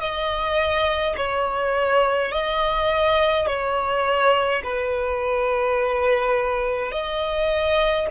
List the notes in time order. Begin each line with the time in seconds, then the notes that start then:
0.00 D#5
1.16 C#5
2.31 D#5
3.47 C#5
4.63 B4
6.91 D#5